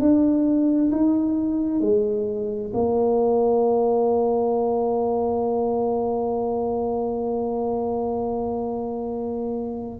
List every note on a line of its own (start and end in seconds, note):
0.00 0.91 D4
0.92 1.81 D#4
1.81 2.71 G#3
2.74 10.00 A#3